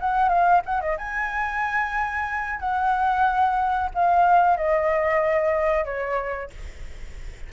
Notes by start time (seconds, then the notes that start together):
0.00 F#5
0.28 F5
0.66 F#5
0.81 D#5
0.98 G#5
2.60 F#5
3.95 F5
4.57 D#5
5.85 C#5